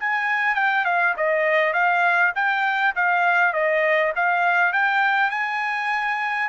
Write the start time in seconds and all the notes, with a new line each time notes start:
0.00 G#5
0.55 G5
0.85 F5
1.17 D#5
1.74 F5
2.35 G5
2.96 F5
3.53 D#5
4.16 F5
4.73 G5
5.31 G#5